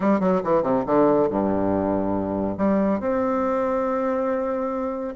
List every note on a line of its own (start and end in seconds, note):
0.00 0.20 G3
0.20 0.41 F#3
0.43 0.63 E3
0.63 0.84 C3
0.86 1.29 D3
1.30 2.57 G2
2.57 2.99 G3
2.99 5.14 C4